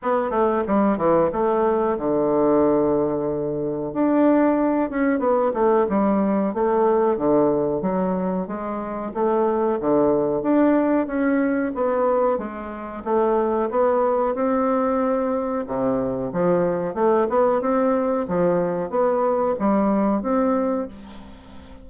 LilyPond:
\new Staff \with { instrumentName = "bassoon" } { \time 4/4 \tempo 4 = 92 b8 a8 g8 e8 a4 d4~ | d2 d'4. cis'8 | b8 a8 g4 a4 d4 | fis4 gis4 a4 d4 |
d'4 cis'4 b4 gis4 | a4 b4 c'2 | c4 f4 a8 b8 c'4 | f4 b4 g4 c'4 | }